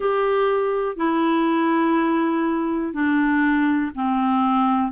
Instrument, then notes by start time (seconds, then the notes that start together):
clarinet
0.00 G4
0.96 E4
2.93 D4
3.95 C4